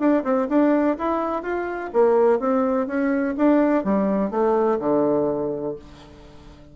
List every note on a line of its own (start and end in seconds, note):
0.00 0.24 D4
0.24 0.48 C4
0.49 0.97 D4
0.99 1.43 E4
1.43 1.91 F4
1.94 2.40 A#3
2.40 2.88 C4
2.88 3.36 C#4
3.38 3.84 D4
3.84 4.31 G3
4.31 4.79 A3
4.80 5.76 D3